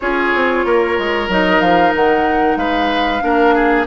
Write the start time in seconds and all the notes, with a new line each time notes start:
0.00 C#4 F4 G#4 C#5
0.34 C4
0.65 A#3 A#4
0.98 G#3
1.28 F#3 D#4 D#5
1.60 F3 F5
1.95 D#3 F#5
2.56 G#3 B4 F5
3.21 A#3 D4 A#4
3.54 G#4